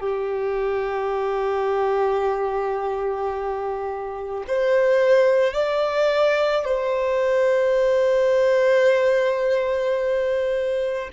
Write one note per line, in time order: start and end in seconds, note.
0.00 4.44 G4
4.47 5.54 C5
5.54 6.65 D5
6.65 11.10 C5